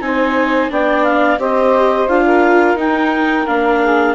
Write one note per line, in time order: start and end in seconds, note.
0.00 0.69 C4
0.00 0.70 D#4
0.00 0.71 C5
0.00 0.70 G#5
0.70 1.38 B3
0.70 1.39 D4
0.70 1.39 D5
0.70 1.04 G5
1.04 1.39 F5
1.38 2.07 C4
1.38 2.08 G4
1.38 2.25 C5
1.38 2.09 D#5
2.08 2.75 D4
2.08 2.77 F4
2.08 2.78 F5
2.25 3.81 A#4
2.75 3.44 D#4
2.75 3.46 D#4
2.75 3.47 G5
3.47 4.15 A#3
3.47 4.15 D4
3.47 4.15 F5
3.81 4.15 G#4